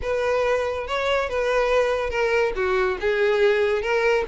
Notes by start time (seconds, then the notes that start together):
0.02 B4
0.87 C#5
1.29 B4
2.10 A#4
2.55 F#4
3.00 G#4
3.81 A#4